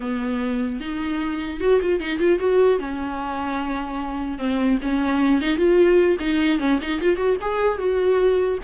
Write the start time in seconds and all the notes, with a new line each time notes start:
0.00 B3
0.80 D#4
1.60 F#4
1.81 F4
1.99 D#4
2.19 F4
2.39 F#4
2.79 C#4
4.38 C4
4.81 C#4
5.41 D#4
5.56 F4
6.19 D#4
6.59 C#4
6.81 D#4
7.01 F4
7.16 F#4
7.41 G#4
7.78 F#4